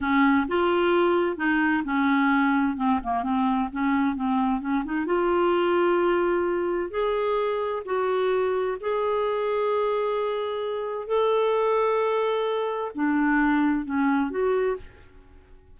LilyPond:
\new Staff \with { instrumentName = "clarinet" } { \time 4/4 \tempo 4 = 130 cis'4 f'2 dis'4 | cis'2 c'8 ais8 c'4 | cis'4 c'4 cis'8 dis'8 f'4~ | f'2. gis'4~ |
gis'4 fis'2 gis'4~ | gis'1 | a'1 | d'2 cis'4 fis'4 | }